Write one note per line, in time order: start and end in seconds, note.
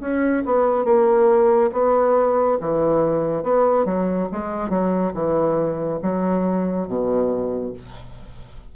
0.00 0.43 C#4
0.45 0.84 B3
0.84 1.70 A#3
1.72 2.58 B3
2.60 3.42 E3
3.42 3.85 B3
3.85 4.27 F#3
4.31 4.69 G#3
4.69 5.12 F#3
5.13 5.99 E3
6.02 6.87 F#3
6.87 7.73 B2